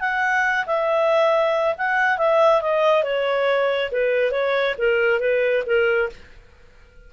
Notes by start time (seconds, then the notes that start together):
0.00 F#5
0.66 E5
1.77 F#5
2.17 E5
2.61 D#5
3.03 C#5
3.91 B4
4.31 C#5
4.78 A#4
5.20 B4
5.66 A#4